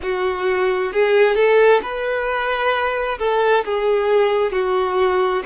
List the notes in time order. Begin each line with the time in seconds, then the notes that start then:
0.02 F#4
0.92 G#4
1.35 A4
1.82 B4
3.18 A4
3.64 G#4
4.52 F#4